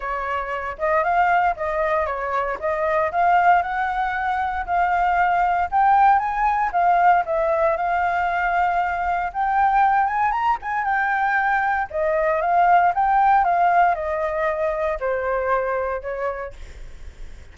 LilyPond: \new Staff \with { instrumentName = "flute" } { \time 4/4 \tempo 4 = 116 cis''4. dis''8 f''4 dis''4 | cis''4 dis''4 f''4 fis''4~ | fis''4 f''2 g''4 | gis''4 f''4 e''4 f''4~ |
f''2 g''4. gis''8 | ais''8 gis''8 g''2 dis''4 | f''4 g''4 f''4 dis''4~ | dis''4 c''2 cis''4 | }